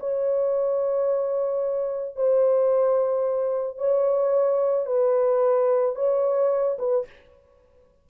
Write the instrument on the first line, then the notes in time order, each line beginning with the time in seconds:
horn
0.00 C#5
2.16 C5
3.78 C#5
4.86 B4
5.96 C#5
6.78 B4